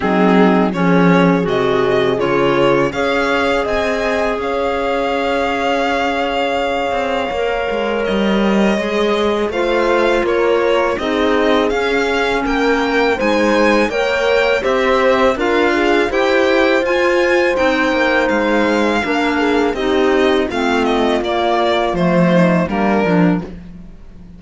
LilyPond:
<<
  \new Staff \with { instrumentName = "violin" } { \time 4/4 \tempo 4 = 82 gis'4 cis''4 dis''4 cis''4 | f''4 gis''4 f''2~ | f''2. dis''4~ | dis''4 f''4 cis''4 dis''4 |
f''4 g''4 gis''4 g''4 | e''4 f''4 g''4 gis''4 | g''4 f''2 dis''4 | f''8 dis''8 d''4 c''4 ais'4 | }
  \new Staff \with { instrumentName = "horn" } { \time 4/4 dis'4 gis'2. | cis''4 dis''4 cis''2~ | cis''1~ | cis''4 c''4 ais'4 gis'4~ |
gis'4 ais'4 c''4 cis''4 | c''4 ais'8 gis'8 c''2~ | c''2 ais'8 gis'8 g'4 | f'2~ f'8 dis'8 d'4 | }
  \new Staff \with { instrumentName = "clarinet" } { \time 4/4 c'4 cis'4 fis'4 f'4 | gis'1~ | gis'2 ais'2 | gis'4 f'2 dis'4 |
cis'2 dis'4 ais'4 | g'4 f'4 g'4 f'4 | dis'2 d'4 dis'4 | c'4 ais4 a4 ais8 d'8 | }
  \new Staff \with { instrumentName = "cello" } { \time 4/4 fis4 f4 c4 cis4 | cis'4 c'4 cis'2~ | cis'4. c'8 ais8 gis8 g4 | gis4 a4 ais4 c'4 |
cis'4 ais4 gis4 ais4 | c'4 d'4 e'4 f'4 | c'8 ais8 gis4 ais4 c'4 | a4 ais4 f4 g8 f8 | }
>>